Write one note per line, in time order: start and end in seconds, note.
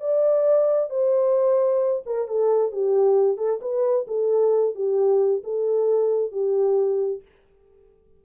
0.00 0.90 D5
0.90 2.03 C5
2.06 2.28 A#4
2.28 2.72 A4
2.72 3.37 G4
3.37 3.60 A4
3.61 4.06 B4
4.07 4.75 A4
4.75 5.42 G4
5.44 6.32 A4
6.32 7.22 G4